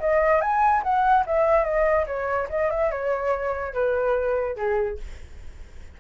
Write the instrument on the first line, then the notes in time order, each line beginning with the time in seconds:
flute
0.00 D#5
0.41 G#5
0.83 F#5
1.26 E5
1.64 D#5
2.07 C#5
2.49 D#5
2.70 E5
2.91 C#5
3.73 B4
4.56 G#4